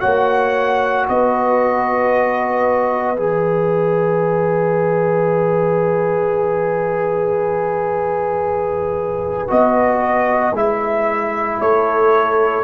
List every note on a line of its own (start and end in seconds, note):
0.00 1.08 A#3
0.00 3.16 F#4
0.00 1.05 C#5
0.00 1.06 F#5
1.09 3.17 B3
1.09 11.61 B4
1.09 3.19 D#5
3.17 9.49 E3
3.17 9.48 G#4
3.17 9.50 E5
9.48 10.53 B3
9.48 10.53 F#4
9.48 10.56 D#5
10.53 11.59 G#3
10.53 12.64 E4
10.53 11.61 E5
11.61 12.64 A3
11.61 12.64 A4
11.61 12.64 C#5